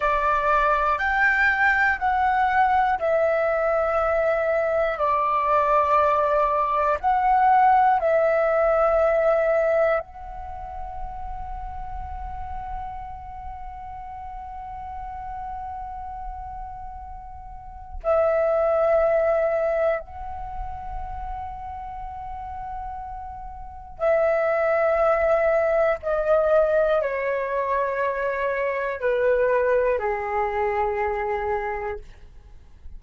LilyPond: \new Staff \with { instrumentName = "flute" } { \time 4/4 \tempo 4 = 60 d''4 g''4 fis''4 e''4~ | e''4 d''2 fis''4 | e''2 fis''2~ | fis''1~ |
fis''2 e''2 | fis''1 | e''2 dis''4 cis''4~ | cis''4 b'4 gis'2 | }